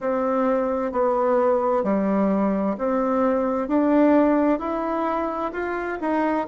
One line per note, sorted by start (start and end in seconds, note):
0.00 0.91 C4
0.91 1.83 B3
1.83 2.76 G3
2.77 3.68 C4
3.68 4.59 D4
4.59 5.51 E4
5.52 5.98 F4
6.00 6.47 D#4